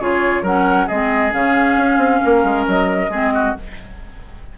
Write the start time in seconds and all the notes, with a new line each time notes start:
0.00 C#3 F4 G#4 C#5
0.43 F#3 C#4 A#4 F#5
0.87 G#3 C4 G#4 D#5
1.32 C#3 C#4 F5
1.78 C#4
1.98 C4
2.25 A#3 A#4
2.44 G#3
2.68 F#3 D#5
3.09 G#3 C4 G#4
3.34 F#4